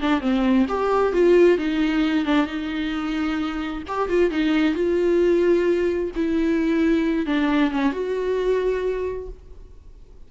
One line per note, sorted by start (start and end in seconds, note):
0.00 0.20 D4
0.20 0.66 C4
0.68 1.13 G4
1.13 1.58 F4
1.58 2.25 D#4
2.25 2.46 D4
2.46 3.82 D#4
3.87 4.08 G4
4.08 4.30 F4
4.30 4.74 D#4
4.74 6.11 F4
6.15 7.26 E4
7.26 7.71 D4
7.71 7.92 C#4
7.92 9.28 F#4